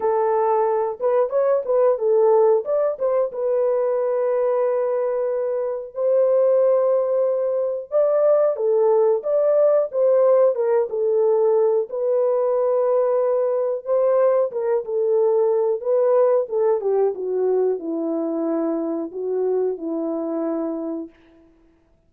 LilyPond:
\new Staff \with { instrumentName = "horn" } { \time 4/4 \tempo 4 = 91 a'4. b'8 cis''8 b'8 a'4 | d''8 c''8 b'2.~ | b'4 c''2. | d''4 a'4 d''4 c''4 |
ais'8 a'4. b'2~ | b'4 c''4 ais'8 a'4. | b'4 a'8 g'8 fis'4 e'4~ | e'4 fis'4 e'2 | }